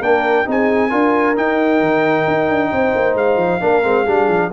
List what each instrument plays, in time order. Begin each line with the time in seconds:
0.00 tuba A#3, trombone D4, horn A#4, trumpet G5
0.45 tuba C4, trombone D#4, horn G#4, trumpet G#5
0.90 tuba D4, trombone F4, horn A#4
1.35 trombone D#4, tuba D#4, trumpet G5
1.80 tuba D#3
2.27 tuba D#4
2.48 tuba D4
2.71 tuba C4, horn C5
2.95 tuba A#3
3.14 tuba G#3, trumpet F5
3.36 tuba F3
3.60 tuba A#3, trombone D4, horn A#4
3.83 tuba G#3, trombone C4
4.03 tuba G3, trombone D4, horn G#4
4.28 tuba F3